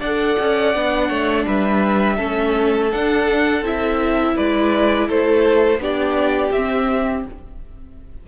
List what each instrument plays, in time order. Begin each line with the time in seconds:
0.00 cello D4, viola A4, violin D5 F#5
0.39 cello C#4
0.75 cello B3, viola D4
1.09 cello A3, violin C#5
1.46 cello G3, violin B4 E5
2.17 cello A3, viola C#4, violin A4
2.92 viola D4, cello D4, violin F#5
3.62 cello C4, viola E4, violin E5
4.36 cello G#3, violin B4 D5
5.08 cello A3, violin A4 C5
5.78 cello B3, viola D4, violin G4 D5
6.52 cello C4, viola C4, violin E5